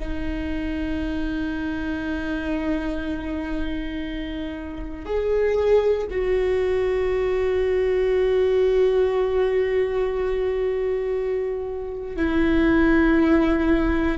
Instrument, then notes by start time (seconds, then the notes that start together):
viola
0.00 D#4
5.06 G#4
6.11 F#4
12.17 E4